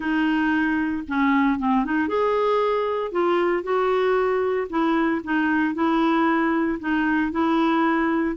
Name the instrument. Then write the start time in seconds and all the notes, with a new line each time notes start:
clarinet
0.00 D#4
1.08 C#4
1.58 C4
1.84 D#4
2.08 G#4
3.11 F4
3.63 F#4
4.69 E4
5.24 D#4
5.74 E4
6.79 D#4
7.31 E4